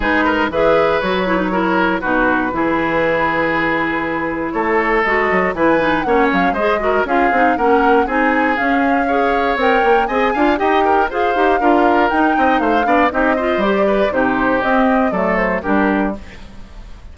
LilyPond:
<<
  \new Staff \with { instrumentName = "flute" } { \time 4/4 \tempo 4 = 119 b'4 e''4 cis''2 | b'1~ | b'4 cis''4 dis''4 gis''4 | fis''8 f''8 dis''4 f''4 fis''4 |
gis''4 f''2 g''4 | gis''4 g''4 f''2 | g''4 f''4 dis''4 d''4 | c''4 dis''4 d''8 c''8 ais'4 | }
  \new Staff \with { instrumentName = "oboe" } { \time 4/4 gis'8 ais'8 b'2 ais'4 | fis'4 gis'2.~ | gis'4 a'2 b'4 | cis''4 c''8 ais'8 gis'4 ais'4 |
gis'2 cis''2 | dis''8 f''8 dis''8 ais'8 c''4 ais'4~ | ais'8 dis''8 c''8 d''8 g'8 c''4 b'8 | g'2 a'4 g'4 | }
  \new Staff \with { instrumentName = "clarinet" } { \time 4/4 dis'4 gis'4 fis'8 e'16 dis'16 e'4 | dis'4 e'2.~ | e'2 fis'4 e'8 dis'8 | cis'4 gis'8 fis'8 f'8 dis'8 cis'4 |
dis'4 cis'4 gis'4 ais'4 | gis'8 f'8 g'4 gis'8 g'8 f'4 | dis'4. d'8 dis'8 f'8 g'4 | dis'4 c'4 a4 d'4 | }
  \new Staff \with { instrumentName = "bassoon" } { \time 4/4 gis4 e4 fis2 | b,4 e2.~ | e4 a4 gis8 fis8 e4 | ais8 fis8 gis4 cis'8 c'8 ais4 |
c'4 cis'2 c'8 ais8 | c'8 d'8 dis'4 f'8 dis'8 d'4 | dis'8 c'8 a8 b8 c'4 g4 | c4 c'4 fis4 g4 | }
>>